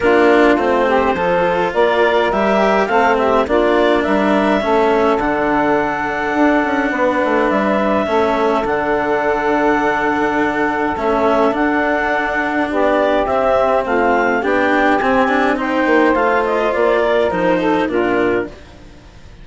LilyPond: <<
  \new Staff \with { instrumentName = "clarinet" } { \time 4/4 \tempo 4 = 104 ais'4 c''2 d''4 | e''4 f''8 e''8 d''4 e''4~ | e''4 fis''2.~ | fis''4 e''2 fis''4~ |
fis''2. e''4 | fis''2 d''4 e''4 | f''4 g''4 gis''4 g''4 | f''8 dis''8 d''4 c''4 ais'4 | }
  \new Staff \with { instrumentName = "saxophone" } { \time 4/4 f'4. g'8 a'4 ais'4~ | ais'4 a'8 g'8 f'4 ais'4 | a'1 | b'2 a'2~ |
a'1~ | a'2 g'2 | f'4 g'2 c''4~ | c''4. ais'4 a'8 f'4 | }
  \new Staff \with { instrumentName = "cello" } { \time 4/4 d'4 c'4 f'2 | g'4 c'4 d'2 | cis'4 d'2.~ | d'2 cis'4 d'4~ |
d'2. cis'4 | d'2. c'4~ | c'4 d'4 c'8 d'8 dis'4 | f'2 dis'4 d'4 | }
  \new Staff \with { instrumentName = "bassoon" } { \time 4/4 ais4 a4 f4 ais4 | g4 a4 ais4 g4 | a4 d2 d'8 cis'8 | b8 a8 g4 a4 d4~ |
d2. a4 | d'2 b4 c'4 | a4 b4 c'4. ais8 | a4 ais4 f4 ais,4 | }
>>